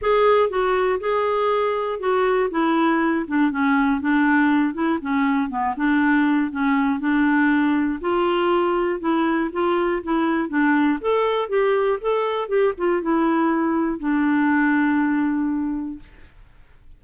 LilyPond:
\new Staff \with { instrumentName = "clarinet" } { \time 4/4 \tempo 4 = 120 gis'4 fis'4 gis'2 | fis'4 e'4. d'8 cis'4 | d'4. e'8 cis'4 b8 d'8~ | d'4 cis'4 d'2 |
f'2 e'4 f'4 | e'4 d'4 a'4 g'4 | a'4 g'8 f'8 e'2 | d'1 | }